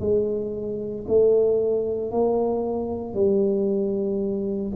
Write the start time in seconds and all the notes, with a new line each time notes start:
0.00 G#3
1.08 A3
2.11 A#3
3.14 G3